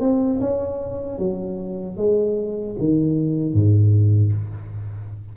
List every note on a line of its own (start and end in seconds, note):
0.00 0.39 C4
0.40 1.18 C#4
1.18 1.97 F#3
1.97 2.76 G#3
2.78 3.53 D#3
3.53 4.32 G#2